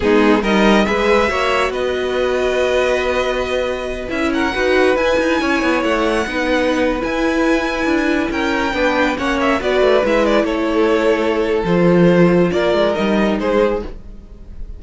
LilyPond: <<
  \new Staff \with { instrumentName = "violin" } { \time 4/4 \tempo 4 = 139 gis'4 dis''4 e''2 | dis''1~ | dis''4. e''8 fis''4. gis''8~ | gis''4. fis''2~ fis''8~ |
fis''16 gis''2. g''8.~ | g''4~ g''16 fis''8 e''8 d''4 e''8 d''16~ | d''16 cis''2~ cis''8. c''4~ | c''4 d''4 dis''4 c''4 | }
  \new Staff \with { instrumentName = "violin" } { \time 4/4 dis'4 ais'4 b'4 cis''4 | b'1~ | b'2 ais'8 b'4.~ | b'8 cis''2 b'4.~ |
b'2.~ b'16 ais'8.~ | ais'16 b'4 cis''4 b'4.~ b'16~ | b'16 a'2.~ a'8.~ | a'4 ais'2 gis'4 | }
  \new Staff \with { instrumentName = "viola" } { \time 4/4 b4 dis'4 gis'4 fis'4~ | fis'1~ | fis'4. e'4 fis'4 e'8~ | e'2~ e'8 dis'4.~ |
dis'16 e'2.~ e'8.~ | e'16 d'4 cis'4 fis'4 e'8.~ | e'2. f'4~ | f'2 dis'2 | }
  \new Staff \with { instrumentName = "cello" } { \time 4/4 gis4 g4 gis4 ais4 | b1~ | b4. cis'4 dis'4 e'8 | dis'8 cis'8 b8 a4 b4.~ |
b16 e'2 d'4 cis'8.~ | cis'16 b4 ais4 b8 a8 gis8.~ | gis16 a2~ a8. f4~ | f4 ais8 gis8 g4 gis4 | }
>>